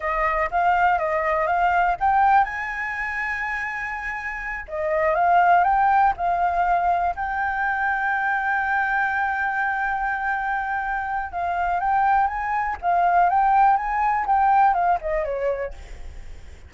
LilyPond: \new Staff \with { instrumentName = "flute" } { \time 4/4 \tempo 4 = 122 dis''4 f''4 dis''4 f''4 | g''4 gis''2.~ | gis''4. dis''4 f''4 g''8~ | g''8 f''2 g''4.~ |
g''1~ | g''2. f''4 | g''4 gis''4 f''4 g''4 | gis''4 g''4 f''8 dis''8 cis''4 | }